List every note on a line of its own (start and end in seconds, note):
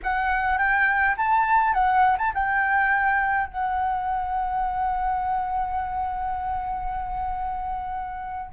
0.02 0.58 F#5
0.58 1.15 G5
1.16 1.73 A5
1.73 2.16 F#5
2.18 2.32 A5
2.34 3.47 G5
3.47 8.51 F#5